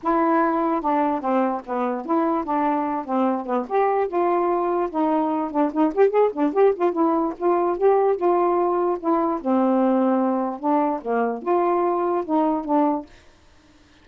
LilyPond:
\new Staff \with { instrumentName = "saxophone" } { \time 4/4 \tempo 4 = 147 e'2 d'4 c'4 | b4 e'4 d'4. c'8~ | c'8 b8 g'4 f'2 | dis'4. d'8 dis'8 g'8 gis'8 d'8 |
g'8 f'8 e'4 f'4 g'4 | f'2 e'4 c'4~ | c'2 d'4 ais4 | f'2 dis'4 d'4 | }